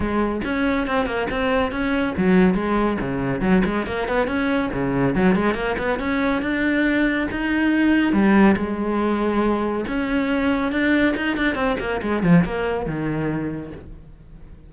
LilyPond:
\new Staff \with { instrumentName = "cello" } { \time 4/4 \tempo 4 = 140 gis4 cis'4 c'8 ais8 c'4 | cis'4 fis4 gis4 cis4 | fis8 gis8 ais8 b8 cis'4 cis4 | fis8 gis8 ais8 b8 cis'4 d'4~ |
d'4 dis'2 g4 | gis2. cis'4~ | cis'4 d'4 dis'8 d'8 c'8 ais8 | gis8 f8 ais4 dis2 | }